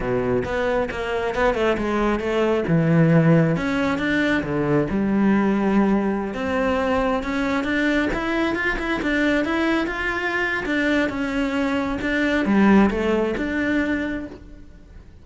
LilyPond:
\new Staff \with { instrumentName = "cello" } { \time 4/4 \tempo 4 = 135 b,4 b4 ais4 b8 a8 | gis4 a4 e2 | cis'4 d'4 d4 g4~ | g2~ g16 c'4.~ c'16~ |
c'16 cis'4 d'4 e'4 f'8 e'16~ | e'16 d'4 e'4 f'4.~ f'16 | d'4 cis'2 d'4 | g4 a4 d'2 | }